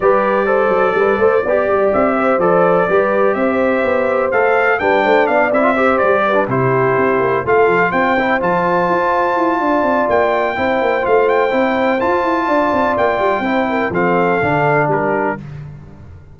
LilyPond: <<
  \new Staff \with { instrumentName = "trumpet" } { \time 4/4 \tempo 4 = 125 d''1 | e''4 d''2 e''4~ | e''4 f''4 g''4 f''8 e''8~ | e''8 d''4 c''2 f''8~ |
f''8 g''4 a''2~ a''8~ | a''4 g''2 f''8 g''8~ | g''4 a''2 g''4~ | g''4 f''2 ais'4 | }
  \new Staff \with { instrumentName = "horn" } { \time 4/4 b'4 c''4 b'8 c''8 d''4~ | d''8 c''4. b'4 c''4~ | c''2 b'8 c''8 d''4 | c''4 b'8 g'2 a'8~ |
a'8 c''2.~ c''8 | d''2 c''2~ | c''2 d''2 | c''8 ais'8 a'2 g'4 | }
  \new Staff \with { instrumentName = "trombone" } { \time 4/4 g'4 a'2 g'4~ | g'4 a'4 g'2~ | g'4 a'4 d'4. e'16 f'16 | g'4~ g'16 d'16 e'2 f'8~ |
f'4 e'8 f'2~ f'8~ | f'2 e'4 f'4 | e'4 f'2. | e'4 c'4 d'2 | }
  \new Staff \with { instrumentName = "tuba" } { \time 4/4 g4. fis8 g8 a8 b8 g8 | c'4 f4 g4 c'4 | b4 a4 g8 a8 b8 c'8~ | c'8 g4 c4 c'8 ais8 a8 |
f8 c'4 f4 f'4 e'8 | d'8 c'8 ais4 c'8 ais8 a4 | c'4 f'8 e'8 d'8 c'8 ais8 g8 | c'4 f4 d4 g4 | }
>>